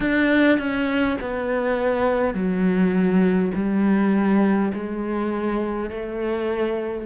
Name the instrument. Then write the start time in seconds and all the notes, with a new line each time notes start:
cello
0.00 D4
0.58 C#4
1.21 B3
2.34 F#3
3.54 G3
4.73 G#3
5.90 A3